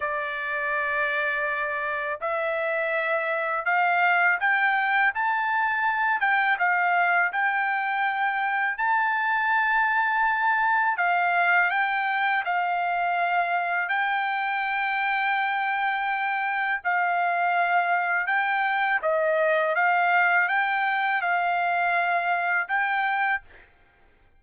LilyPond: \new Staff \with { instrumentName = "trumpet" } { \time 4/4 \tempo 4 = 82 d''2. e''4~ | e''4 f''4 g''4 a''4~ | a''8 g''8 f''4 g''2 | a''2. f''4 |
g''4 f''2 g''4~ | g''2. f''4~ | f''4 g''4 dis''4 f''4 | g''4 f''2 g''4 | }